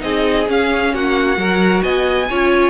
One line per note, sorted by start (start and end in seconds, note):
0.00 0.48 C4
0.00 0.45 D#4
0.00 0.94 G#4
0.00 0.47 D#5
0.48 0.93 C#4
0.48 1.35 C#4
0.48 0.94 F5
0.93 1.37 A#3
0.93 1.39 F#4
0.93 1.83 F#5
1.35 1.82 F#3
1.35 2.26 F#4
1.35 1.83 A#4
1.83 2.28 B3
1.83 2.28 D#5
1.83 2.70 G#5
2.29 2.70 C#4
2.29 2.70 F4
2.29 2.70 C#5